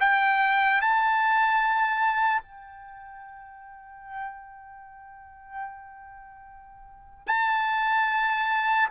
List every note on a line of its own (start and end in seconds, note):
0.00 0.81 G5
0.81 2.42 A5
2.42 7.27 G5
7.27 8.89 A5